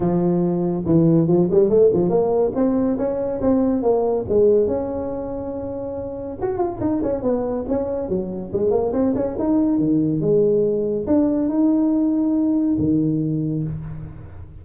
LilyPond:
\new Staff \with { instrumentName = "tuba" } { \time 4/4 \tempo 4 = 141 f2 e4 f8 g8 | a8 f8 ais4 c'4 cis'4 | c'4 ais4 gis4 cis'4~ | cis'2. fis'8 f'8 |
dis'8 cis'8 b4 cis'4 fis4 | gis8 ais8 c'8 cis'8 dis'4 dis4 | gis2 d'4 dis'4~ | dis'2 dis2 | }